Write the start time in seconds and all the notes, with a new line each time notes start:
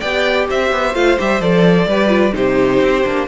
0.00 B3 G4 D5 G5
0.49 C4 C5 E5
0.71 B3
0.95 A3 F4 F5
1.18 G3 G4 E5
1.40 F3 A4 D5
1.86 G3 G4 B4
2.08 F4
2.32 C3 D#4 G4 C5
2.81 C4
3.05 A#3 D4